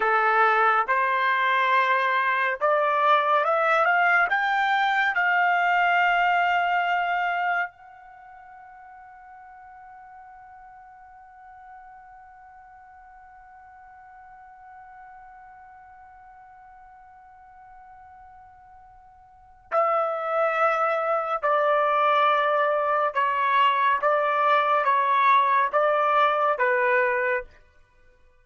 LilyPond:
\new Staff \with { instrumentName = "trumpet" } { \time 4/4 \tempo 4 = 70 a'4 c''2 d''4 | e''8 f''8 g''4 f''2~ | f''4 fis''2.~ | fis''1~ |
fis''1~ | fis''2. e''4~ | e''4 d''2 cis''4 | d''4 cis''4 d''4 b'4 | }